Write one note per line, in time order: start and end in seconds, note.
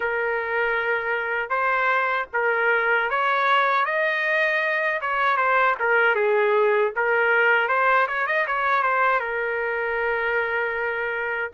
0.00 1.49 A#4
1.49 2.26 C5
2.33 3.09 A#4
3.09 3.85 C#5
3.85 5.00 D#5
5.01 5.36 C#5
5.36 5.75 C5
5.79 6.15 A#4
6.15 6.92 G#4
6.96 7.68 A#4
7.68 8.07 C5
8.07 8.26 C#5
8.26 8.45 D#5
8.47 8.82 C#5
8.82 9.20 C5
9.20 11.50 A#4